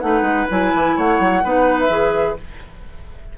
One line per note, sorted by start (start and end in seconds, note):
0.00 0.22 A3
0.00 0.47 D#4
0.00 0.96 B4
0.00 0.47 F#5
0.22 0.45 G#3
0.49 0.74 F#3
0.49 1.43 E4
0.49 0.98 G#5
0.74 0.97 E3
0.96 1.19 A3
0.96 1.43 C#5
0.96 1.79 F#5
1.19 1.42 F#3
1.43 1.88 B3
1.43 1.89 D#4
1.43 2.37 B4
1.79 2.38 E5
1.88 2.35 E3
1.88 2.36 G#4